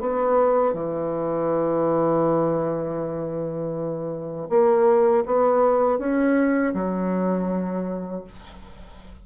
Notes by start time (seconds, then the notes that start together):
0.00 B3
0.73 E3
4.49 A#3
5.25 B3
5.98 C#4
6.73 F#3